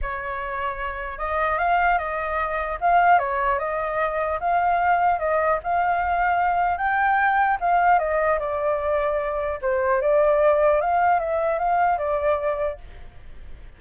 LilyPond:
\new Staff \with { instrumentName = "flute" } { \time 4/4 \tempo 4 = 150 cis''2. dis''4 | f''4 dis''2 f''4 | cis''4 dis''2 f''4~ | f''4 dis''4 f''2~ |
f''4 g''2 f''4 | dis''4 d''2. | c''4 d''2 f''4 | e''4 f''4 d''2 | }